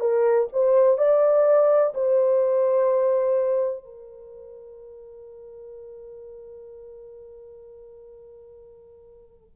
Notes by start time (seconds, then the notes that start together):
0.00 A#4
0.52 C5
0.98 D5
1.94 C5
3.84 A#4